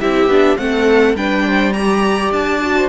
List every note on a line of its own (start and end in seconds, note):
0.00 0.26 C4
0.00 0.30 E4
0.00 0.58 G4
0.00 0.58 E5
0.26 0.56 B3
0.26 0.57 D4
0.57 1.14 A3
0.57 1.15 C4
0.57 1.16 A4
0.57 1.16 F#5
1.14 2.30 G3
1.14 1.74 D4
1.14 1.46 B4
1.14 1.73 G5
1.46 1.75 C5
1.73 2.61 G4
1.73 2.76 D5
1.73 2.31 A#5
2.31 2.88 D4
2.31 2.88 A5
2.62 2.88 F#4
2.76 2.88 C5